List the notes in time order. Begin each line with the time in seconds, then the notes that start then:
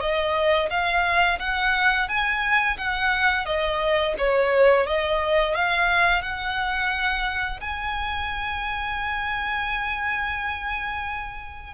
0.00 D#5
0.70 F5
1.39 F#5
2.08 G#5
2.77 F#5
3.45 D#5
4.18 C#5
4.86 D#5
5.55 F5
6.22 F#5
7.60 G#5